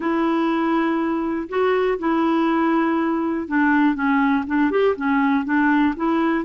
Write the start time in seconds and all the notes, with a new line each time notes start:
0.00 E4
1.49 F#4
1.99 E4
3.47 D4
3.94 C#4
4.47 D4
4.70 G4
4.96 C#4
5.45 D4
5.96 E4